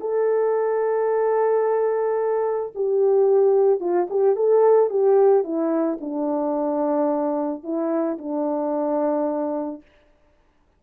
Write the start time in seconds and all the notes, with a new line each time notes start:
0.00 A4
2.75 G4
3.80 F4
4.10 G4
4.36 A4
4.90 G4
5.44 E4
6.00 D4
7.63 E4
8.18 D4